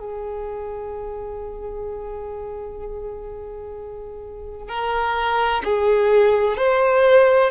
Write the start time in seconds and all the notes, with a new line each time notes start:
0.00 G#4
4.69 A#4
5.64 G#4
6.57 C5